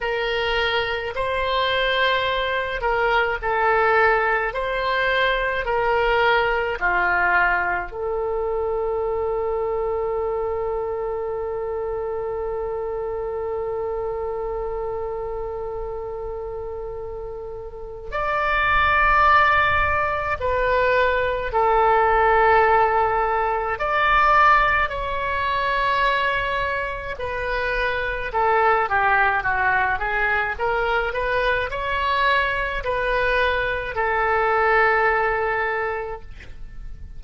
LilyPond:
\new Staff \with { instrumentName = "oboe" } { \time 4/4 \tempo 4 = 53 ais'4 c''4. ais'8 a'4 | c''4 ais'4 f'4 a'4~ | a'1~ | a'1 |
d''2 b'4 a'4~ | a'4 d''4 cis''2 | b'4 a'8 g'8 fis'8 gis'8 ais'8 b'8 | cis''4 b'4 a'2 | }